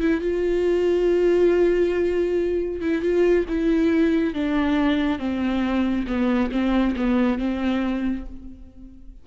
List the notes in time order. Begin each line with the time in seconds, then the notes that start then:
0.00 E4
0.21 F4
2.81 E4
3.02 F4
3.49 E4
4.34 D4
5.19 C4
6.07 B3
6.52 C4
6.96 B3
7.39 C4